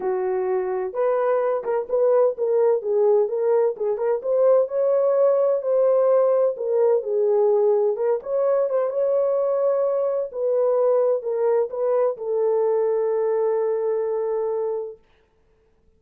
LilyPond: \new Staff \with { instrumentName = "horn" } { \time 4/4 \tempo 4 = 128 fis'2 b'4. ais'8 | b'4 ais'4 gis'4 ais'4 | gis'8 ais'8 c''4 cis''2 | c''2 ais'4 gis'4~ |
gis'4 ais'8 cis''4 c''8 cis''4~ | cis''2 b'2 | ais'4 b'4 a'2~ | a'1 | }